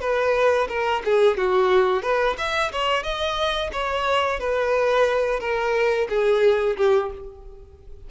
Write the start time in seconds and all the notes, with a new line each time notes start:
0.00 B4
0.68 A#4
1.04 G#4
1.37 F#4
2.02 B4
2.38 E5
2.72 C#5
3.03 D#5
3.72 C#5
4.39 B4
5.40 A#4
6.09 G#4
6.77 G4